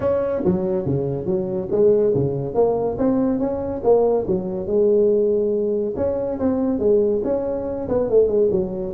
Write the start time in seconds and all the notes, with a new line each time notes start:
0.00 C#4
0.44 F#3
0.85 C#3
1.26 F#3
1.71 G#3
2.14 C#3
2.54 A#3
2.98 C4
3.39 C#4
3.83 A#3
4.27 F#3
4.66 G#3
5.96 C#4
6.39 C4
6.79 G#3
7.24 C#4
7.88 B3
8.09 A3
8.27 G#3
8.51 F#3